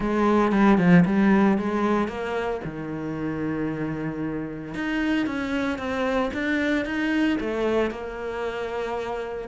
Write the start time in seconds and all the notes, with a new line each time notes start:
0.00 G#3
0.52 G3
0.78 F3
1.05 G3
1.58 G#3
2.08 A#3
2.64 D#3
4.74 D#4
5.26 C#4
5.78 C4
6.33 D4
6.85 D#4
7.40 A3
7.90 A#3